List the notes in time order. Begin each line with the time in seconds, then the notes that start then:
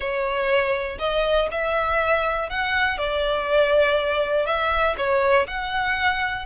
0.00 C#5
0.98 D#5
1.51 E5
2.49 F#5
2.98 D5
4.45 E5
4.97 C#5
5.47 F#5